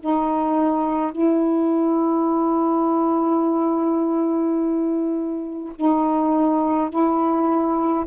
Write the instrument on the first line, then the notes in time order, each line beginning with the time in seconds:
saxophone
0.00 D#4
1.11 E4
5.75 D#4
6.90 E4